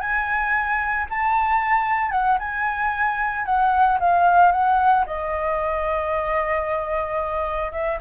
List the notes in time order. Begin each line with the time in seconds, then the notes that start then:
0.00 G#5
1.10 A5
2.11 F#5
2.39 G#5
3.45 F#5
4.00 F5
4.52 F#5
5.06 D#5
7.72 E5